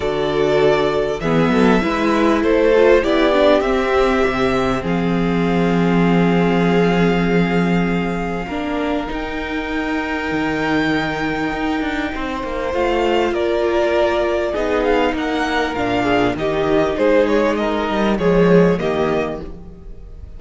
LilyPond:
<<
  \new Staff \with { instrumentName = "violin" } { \time 4/4 \tempo 4 = 99 d''2 e''2 | c''4 d''4 e''2 | f''1~ | f''2. g''4~ |
g''1~ | g''4 f''4 d''2 | dis''8 f''8 fis''4 f''4 dis''4 | c''8 cis''8 dis''4 cis''4 dis''4 | }
  \new Staff \with { instrumentName = "violin" } { \time 4/4 a'2 gis'8 a'8 b'4 | a'4 g'2. | gis'1~ | gis'2 ais'2~ |
ais'1 | c''2 ais'2 | gis'4 ais'4. gis'8 g'4 | gis'4 ais'4 gis'4 g'4 | }
  \new Staff \with { instrumentName = "viola" } { \time 4/4 fis'2 b4 e'4~ | e'8 f'8 e'8 d'8 c'2~ | c'1~ | c'2 d'4 dis'4~ |
dis'1~ | dis'4 f'2. | dis'2 d'4 dis'4~ | dis'2 gis4 ais4 | }
  \new Staff \with { instrumentName = "cello" } { \time 4/4 d2 e8 fis8 gis4 | a4 b4 c'4 c4 | f1~ | f2 ais4 dis'4~ |
dis'4 dis2 dis'8 d'8 | c'8 ais8 a4 ais2 | b4 ais4 ais,4 dis4 | gis4. g8 f4 dis4 | }
>>